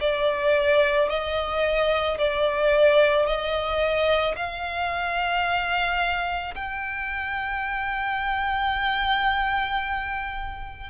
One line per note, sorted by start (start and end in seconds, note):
0.00 1.09 D5
1.09 2.18 D#5
2.18 3.26 D5
3.26 4.35 D#5
4.36 6.54 F5
6.55 10.90 G5